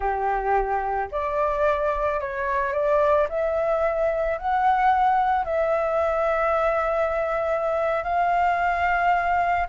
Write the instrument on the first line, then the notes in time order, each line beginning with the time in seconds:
flute
0.00 G4
1.11 D5
2.20 C#5
2.72 D5
3.29 E5
4.38 F#5
5.44 E5
8.03 F5